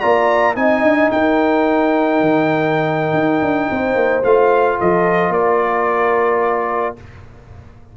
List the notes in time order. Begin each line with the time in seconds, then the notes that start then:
0.00 A#3 F4 D5 A#5
0.55 C4 D#4 D#5 G#5
0.82 D4
1.11 D#4 A#4 G5
2.21 D#3
3.13 D#4
3.41 D4
3.70 C4 C5
3.95 A#3
4.23 A3 F4 F5
4.78 F3 A4 D#5
5.29 A#3 A#4 D5